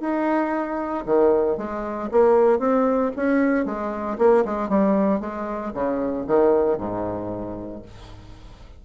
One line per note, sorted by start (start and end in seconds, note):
0.00 1.04 D#4
1.05 1.57 D#3
1.57 2.09 G#3
2.11 2.59 A#3
2.59 3.11 C4
3.16 3.65 C#4
3.65 4.17 G#3
4.18 4.44 A#3
4.44 4.69 G#3
4.69 5.20 G3
5.20 5.72 G#3
5.73 6.25 C#3
6.27 6.78 D#3
6.78 7.82 G#2